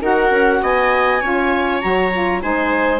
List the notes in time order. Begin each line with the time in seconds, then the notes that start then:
0.00 D#4 F#4 A#4 F#5
0.30 C#4
0.62 B3 D#5 G#5
1.21 C#4 F4 C#5
1.81 F#3 F#4 A#5
2.12 F4
2.41 G#3 D#4 C5 G#5